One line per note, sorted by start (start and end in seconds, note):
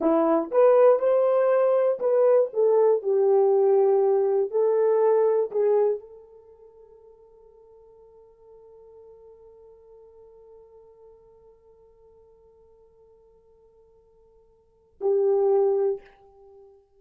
0.00 0.50 E4
0.51 0.99 B4
0.99 1.99 C5
1.99 2.49 B4
2.53 3.02 A4
3.02 4.50 G4
4.50 5.50 A4
5.51 5.99 G#4
5.99 14.99 A4
15.00 16.00 G4